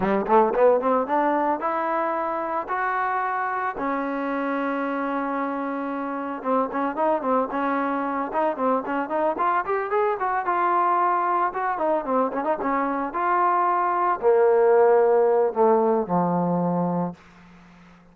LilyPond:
\new Staff \with { instrumentName = "trombone" } { \time 4/4 \tempo 4 = 112 g8 a8 b8 c'8 d'4 e'4~ | e'4 fis'2 cis'4~ | cis'1 | c'8 cis'8 dis'8 c'8 cis'4. dis'8 |
c'8 cis'8 dis'8 f'8 g'8 gis'8 fis'8 f'8~ | f'4. fis'8 dis'8 c'8 cis'16 dis'16 cis'8~ | cis'8 f'2 ais4.~ | ais4 a4 f2 | }